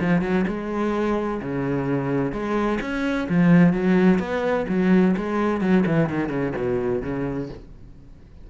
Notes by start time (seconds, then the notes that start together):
0.00 F3
0.22 F#3
0.47 G#3
1.42 C#3
2.32 G#3
2.81 C#4
3.29 F3
3.73 F#3
4.19 B3
4.68 F#3
5.17 G#3
5.61 F#3
5.86 E3
6.09 D#3
6.29 C#3
6.56 B2
7.02 C#3